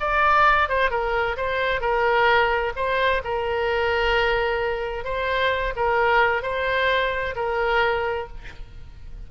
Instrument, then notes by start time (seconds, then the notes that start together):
oboe
0.00 D5
0.69 C5
0.90 A#4
1.37 C5
1.81 A#4
2.76 C5
3.24 A#4
5.04 C5
5.76 A#4
6.42 C5
7.36 A#4